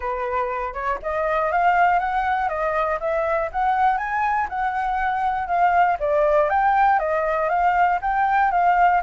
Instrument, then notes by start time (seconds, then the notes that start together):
flute
0.00 B4
0.73 C#5
1.02 D#5
1.51 F5
1.99 F#5
2.49 D#5
3.00 E5
3.52 F#5
3.97 G#5
4.49 F#5
5.47 F5
5.99 D5
6.49 G5
6.99 D#5
7.49 F5
8.01 G5
8.51 F5